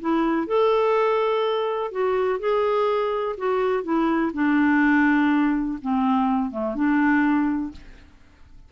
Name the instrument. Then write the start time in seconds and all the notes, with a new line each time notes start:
clarinet
0.00 E4
0.47 A4
1.91 F#4
2.39 G#4
3.37 F#4
3.83 E4
4.33 D4
5.82 C4
6.51 A3
6.75 D4